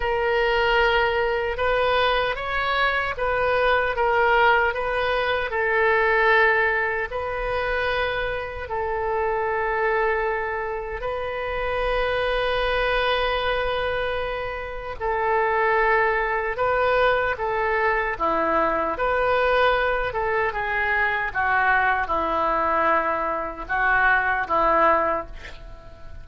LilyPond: \new Staff \with { instrumentName = "oboe" } { \time 4/4 \tempo 4 = 76 ais'2 b'4 cis''4 | b'4 ais'4 b'4 a'4~ | a'4 b'2 a'4~ | a'2 b'2~ |
b'2. a'4~ | a'4 b'4 a'4 e'4 | b'4. a'8 gis'4 fis'4 | e'2 fis'4 e'4 | }